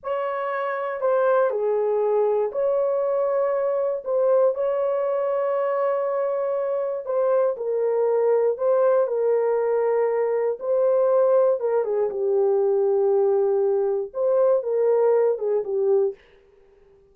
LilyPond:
\new Staff \with { instrumentName = "horn" } { \time 4/4 \tempo 4 = 119 cis''2 c''4 gis'4~ | gis'4 cis''2. | c''4 cis''2.~ | cis''2 c''4 ais'4~ |
ais'4 c''4 ais'2~ | ais'4 c''2 ais'8 gis'8 | g'1 | c''4 ais'4. gis'8 g'4 | }